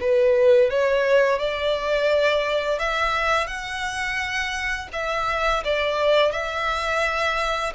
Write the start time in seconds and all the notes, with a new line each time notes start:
0.00 B4
0.70 C#5
1.39 D5
2.79 E5
3.47 F#5
4.92 E5
5.64 D5
6.31 E5